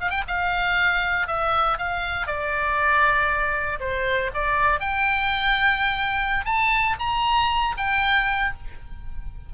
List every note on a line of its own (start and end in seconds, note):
0.00 0.10 F5
0.10 0.23 G5
0.28 1.27 F5
1.27 1.78 E5
1.78 2.27 F5
2.27 3.79 D5
3.80 4.31 C5
4.34 4.80 D5
4.80 6.45 G5
6.45 6.96 A5
6.99 7.75 A#5
7.77 8.53 G5